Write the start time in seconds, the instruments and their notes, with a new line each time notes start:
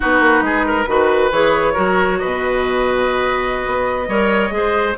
0.00 bassoon B3, clarinet D#4, oboe F#4, flute B4
0.20 bassoon A#3
0.41 bassoon G#3, oboe G#4
0.66 oboe A#4
0.86 bassoon D#3, clarinet F#4, oboe B4
1.31 bassoon E3, clarinet G#4, flute C#5
1.73 bassoon F#3, clarinet F#4, oboe A#4
2.19 bassoon B2, oboe B4, flute D#5
3.66 bassoon B3
4.07 bassoon G3, clarinet A#4, oboe C#5
4.50 bassoon G#3, clarinet G#4
4.56 oboe C5